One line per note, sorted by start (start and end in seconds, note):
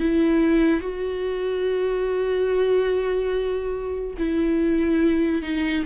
0.00 0.81 E4
0.81 4.14 F#4
4.19 5.43 E4
5.43 5.84 D#4